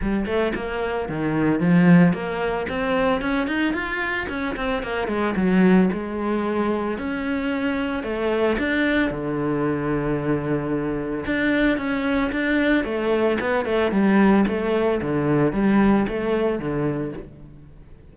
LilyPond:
\new Staff \with { instrumentName = "cello" } { \time 4/4 \tempo 4 = 112 g8 a8 ais4 dis4 f4 | ais4 c'4 cis'8 dis'8 f'4 | cis'8 c'8 ais8 gis8 fis4 gis4~ | gis4 cis'2 a4 |
d'4 d2.~ | d4 d'4 cis'4 d'4 | a4 b8 a8 g4 a4 | d4 g4 a4 d4 | }